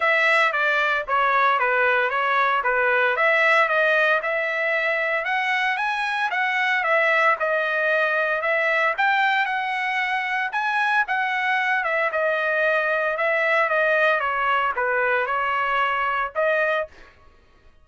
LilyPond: \new Staff \with { instrumentName = "trumpet" } { \time 4/4 \tempo 4 = 114 e''4 d''4 cis''4 b'4 | cis''4 b'4 e''4 dis''4 | e''2 fis''4 gis''4 | fis''4 e''4 dis''2 |
e''4 g''4 fis''2 | gis''4 fis''4. e''8 dis''4~ | dis''4 e''4 dis''4 cis''4 | b'4 cis''2 dis''4 | }